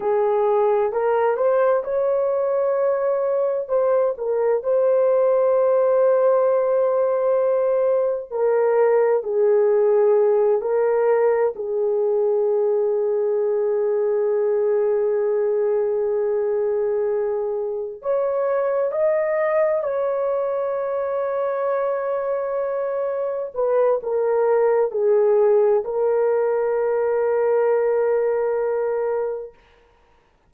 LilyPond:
\new Staff \with { instrumentName = "horn" } { \time 4/4 \tempo 4 = 65 gis'4 ais'8 c''8 cis''2 | c''8 ais'8 c''2.~ | c''4 ais'4 gis'4. ais'8~ | ais'8 gis'2.~ gis'8~ |
gis'2.~ gis'8 cis''8~ | cis''8 dis''4 cis''2~ cis''8~ | cis''4. b'8 ais'4 gis'4 | ais'1 | }